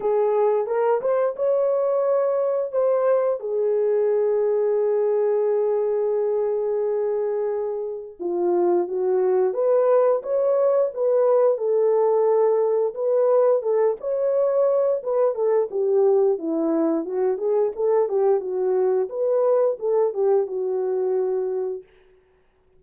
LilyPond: \new Staff \with { instrumentName = "horn" } { \time 4/4 \tempo 4 = 88 gis'4 ais'8 c''8 cis''2 | c''4 gis'2.~ | gis'1 | f'4 fis'4 b'4 cis''4 |
b'4 a'2 b'4 | a'8 cis''4. b'8 a'8 g'4 | e'4 fis'8 gis'8 a'8 g'8 fis'4 | b'4 a'8 g'8 fis'2 | }